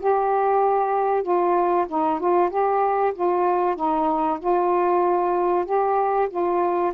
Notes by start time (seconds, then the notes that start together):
0.00 G4
1.23 F4
1.89 D#4
2.20 F4
2.50 G4
3.15 F4
3.76 D#4
4.40 F4
5.66 G4
6.30 F4